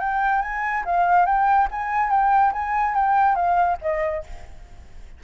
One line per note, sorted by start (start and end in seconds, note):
0.00 0.42 G5
0.42 0.84 G#5
0.85 1.26 F5
1.26 1.68 G5
1.71 2.10 G#5
2.10 2.52 G5
2.53 2.95 G#5
2.95 3.35 G5
3.35 3.77 F5
3.81 4.23 D#5